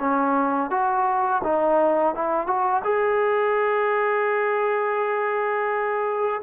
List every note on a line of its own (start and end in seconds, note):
0.00 0.71 C#4
0.71 1.42 F#4
1.44 2.15 D#4
2.15 2.47 E4
2.47 2.83 F#4
2.84 6.42 G#4